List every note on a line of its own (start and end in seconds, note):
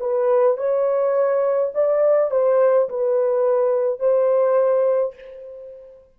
0.00 0.57 B4
0.57 1.73 C#5
1.74 2.31 D5
2.31 2.88 C5
2.89 4.00 B4
4.00 5.15 C5